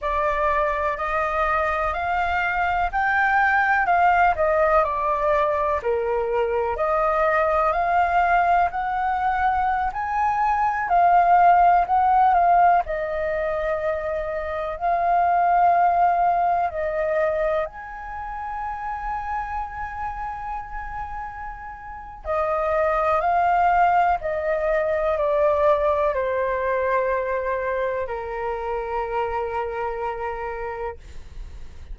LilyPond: \new Staff \with { instrumentName = "flute" } { \time 4/4 \tempo 4 = 62 d''4 dis''4 f''4 g''4 | f''8 dis''8 d''4 ais'4 dis''4 | f''4 fis''4~ fis''16 gis''4 f''8.~ | f''16 fis''8 f''8 dis''2 f''8.~ |
f''4~ f''16 dis''4 gis''4.~ gis''16~ | gis''2. dis''4 | f''4 dis''4 d''4 c''4~ | c''4 ais'2. | }